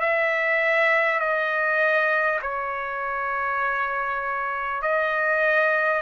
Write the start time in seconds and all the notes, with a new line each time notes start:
0.00 E5
1.20 D#5
2.42 C#5
4.82 D#5